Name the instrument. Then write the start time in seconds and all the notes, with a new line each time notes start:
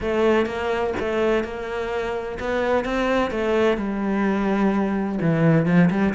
cello
0.00 A3
0.46 A#3
0.99 A3
1.43 A#3
2.39 B3
2.84 C4
3.30 A3
3.77 G3
5.21 E3
5.66 F3
5.90 G3